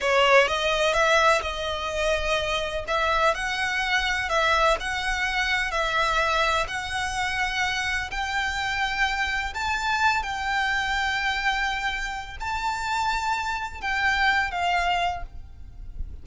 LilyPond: \new Staff \with { instrumentName = "violin" } { \time 4/4 \tempo 4 = 126 cis''4 dis''4 e''4 dis''4~ | dis''2 e''4 fis''4~ | fis''4 e''4 fis''2 | e''2 fis''2~ |
fis''4 g''2. | a''4. g''2~ g''8~ | g''2 a''2~ | a''4 g''4. f''4. | }